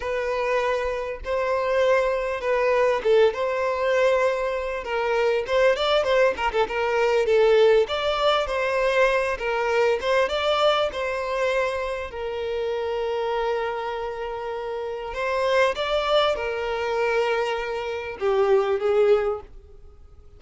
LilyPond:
\new Staff \with { instrumentName = "violin" } { \time 4/4 \tempo 4 = 99 b'2 c''2 | b'4 a'8 c''2~ c''8 | ais'4 c''8 d''8 c''8 ais'16 a'16 ais'4 | a'4 d''4 c''4. ais'8~ |
ais'8 c''8 d''4 c''2 | ais'1~ | ais'4 c''4 d''4 ais'4~ | ais'2 g'4 gis'4 | }